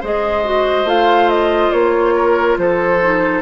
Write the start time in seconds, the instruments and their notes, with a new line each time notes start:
0.00 bassoon G#3, clarinet G#4, oboe C5, flute D#5
0.44 clarinet F#4
0.84 bassoon A3, clarinet F4, flute F5
1.29 flute D#5
1.72 bassoon A#3, flute C#5
2.15 oboe A#4
2.57 bassoon F3, oboe A4, flute C5
3.02 clarinet D#4